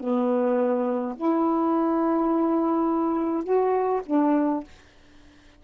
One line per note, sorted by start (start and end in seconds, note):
0.00 1.15 B3
1.16 3.44 E4
3.44 4.01 F#4
4.06 4.64 D4